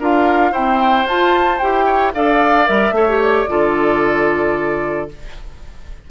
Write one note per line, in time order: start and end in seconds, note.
0.00 0.52 D4
0.00 0.55 F4
0.00 0.52 A#4
0.00 0.54 F5
0.52 1.07 C4
0.52 1.05 E4
0.52 1.85 C5
0.52 1.07 G5
1.05 1.59 F4
1.05 1.61 F4
1.05 1.59 A5
1.59 2.15 E4
1.59 2.14 G4
1.59 2.12 G5
1.85 2.12 C#5
2.14 2.69 D4
2.14 2.66 A4
2.14 2.95 D5
2.14 2.68 F5
2.66 2.92 G3
2.66 2.93 A#4
2.66 3.22 E5
2.92 3.45 A3
2.92 3.07 A4
2.92 3.50 C#5
3.08 3.48 G4
3.22 5.10 D5
3.48 5.10 D3
3.48 5.09 F4
3.48 5.11 A4